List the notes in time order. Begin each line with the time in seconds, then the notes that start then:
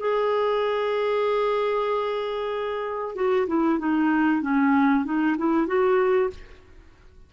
0.00 G#4
3.16 F#4
3.48 E4
3.79 D#4
4.42 C#4
5.05 D#4
5.38 E4
5.67 F#4